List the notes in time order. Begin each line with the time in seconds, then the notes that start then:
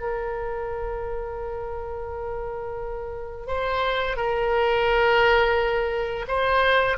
0.00 A#4
3.47 C5
4.16 A#4
6.27 C5